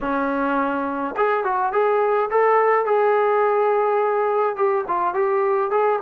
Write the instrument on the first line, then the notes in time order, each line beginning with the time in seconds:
trombone
0.00 C#4
1.16 G#4
1.43 F#4
1.72 G#4
2.30 A4
2.85 G#4
4.56 G4
4.87 F4
5.14 G4
5.70 G#4